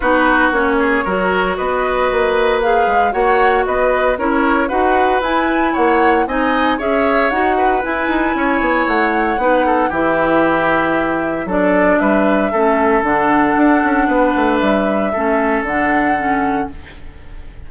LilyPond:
<<
  \new Staff \with { instrumentName = "flute" } { \time 4/4 \tempo 4 = 115 b'4 cis''2 dis''4~ | dis''4 f''4 fis''4 dis''4 | cis''4 fis''4 gis''4 fis''4 | gis''4 e''4 fis''4 gis''4~ |
gis''4 fis''2 e''4~ | e''2 d''4 e''4~ | e''4 fis''2. | e''2 fis''2 | }
  \new Staff \with { instrumentName = "oboe" } { \time 4/4 fis'4. gis'8 ais'4 b'4~ | b'2 cis''4 b'4 | ais'4 b'2 cis''4 | dis''4 cis''4. b'4. |
cis''2 b'8 a'8 g'4~ | g'2 a'4 b'4 | a'2. b'4~ | b'4 a'2. | }
  \new Staff \with { instrumentName = "clarinet" } { \time 4/4 dis'4 cis'4 fis'2~ | fis'4 gis'4 fis'2 | e'4 fis'4 e'2 | dis'4 gis'4 fis'4 e'4~ |
e'2 dis'4 e'4~ | e'2 d'2 | cis'4 d'2.~ | d'4 cis'4 d'4 cis'4 | }
  \new Staff \with { instrumentName = "bassoon" } { \time 4/4 b4 ais4 fis4 b4 | ais4. gis8 ais4 b4 | cis'4 dis'4 e'4 ais4 | c'4 cis'4 dis'4 e'8 dis'8 |
cis'8 b8 a4 b4 e4~ | e2 fis4 g4 | a4 d4 d'8 cis'8 b8 a8 | g4 a4 d2 | }
>>